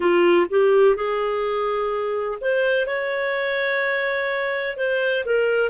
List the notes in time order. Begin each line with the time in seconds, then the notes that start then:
0.00 F4
0.49 G4
0.95 G#4
2.40 C5
2.86 C#5
4.76 C5
5.25 A#4